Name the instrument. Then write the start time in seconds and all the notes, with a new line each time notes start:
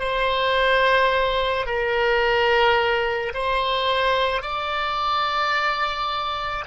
oboe
0.00 C5
1.67 A#4
3.34 C5
4.42 D5